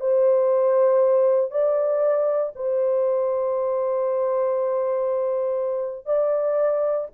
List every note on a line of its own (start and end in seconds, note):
0.00 1.51 C5
1.51 2.52 D5
2.55 6.05 C5
6.05 7.07 D5